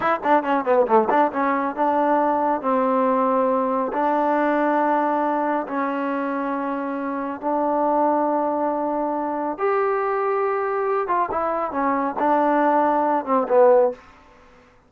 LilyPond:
\new Staff \with { instrumentName = "trombone" } { \time 4/4 \tempo 4 = 138 e'8 d'8 cis'8 b8 a8 d'8 cis'4 | d'2 c'2~ | c'4 d'2.~ | d'4 cis'2.~ |
cis'4 d'2.~ | d'2 g'2~ | g'4. f'8 e'4 cis'4 | d'2~ d'8 c'8 b4 | }